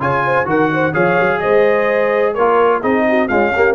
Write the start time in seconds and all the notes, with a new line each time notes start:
0.00 C#3 F4 C#5 G#5
0.25 C5
0.45 D#3 F#4 A#4 F#5
0.74 C5
0.94 F3 G#4 C#5 F5
1.20 F#3
1.40 G#3 C5 D#5
2.34 A#3 F4 A#4 C#5
2.80 C4 D#4 G#4 D#5
3.09 F#4
3.28 G#3 C#4 F4 F5
3.55 A#3 G4